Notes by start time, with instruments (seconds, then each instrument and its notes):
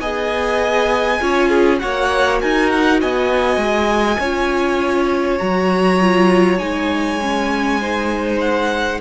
0.00 cello B3, viola G#4, violin D#5 G#5
1.21 cello C#4, viola F4, violin C#5
1.49 violin G#4
1.79 cello A#3, viola F#4, violin C#5 F#5
2.41 cello D#4, violin A#4 G#5
2.70 violin F#5
3.01 cello B3, violin D#5 G#5
3.57 cello G#3
4.19 cello C#4, viola F4, violin C#5
5.38 cello F#3, viola F#4, violin A#5
6.01 viola F4
6.58 cello G#3, viola D#4, violin G#5
7.21 viola C#4
7.80 viola D#4, violin C5
8.41 violin F#5